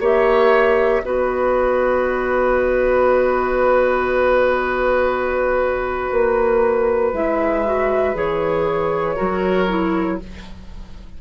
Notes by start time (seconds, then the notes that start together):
0.00 A#3 G4 C#5 E5
1.04 B3 F#4 B4 D#5
6.11 A#3
7.13 G#3 E4 E5
7.65 F#4
8.14 E3 G#4 C#5
9.16 F#3 F#4 A#4
9.68 E4